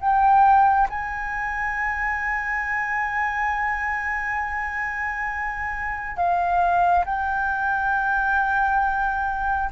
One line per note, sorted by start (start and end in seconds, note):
0.00 0.88 G5
0.90 6.17 G#5
6.17 7.05 F5
7.05 9.70 G5